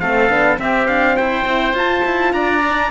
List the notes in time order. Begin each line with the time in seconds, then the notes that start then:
0.00 A3 C4 A4 F5
0.29 B3 D4
0.57 C4 G4 E5
0.87 D4 F5
1.17 E4 C5 G5
1.45 C4 E4
1.73 F4 A5
2.05 E4
2.33 D4 D5 A#5
2.67 D4